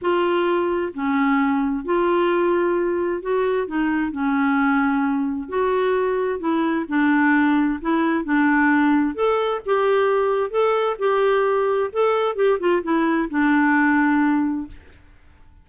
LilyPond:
\new Staff \with { instrumentName = "clarinet" } { \time 4/4 \tempo 4 = 131 f'2 cis'2 | f'2. fis'4 | dis'4 cis'2. | fis'2 e'4 d'4~ |
d'4 e'4 d'2 | a'4 g'2 a'4 | g'2 a'4 g'8 f'8 | e'4 d'2. | }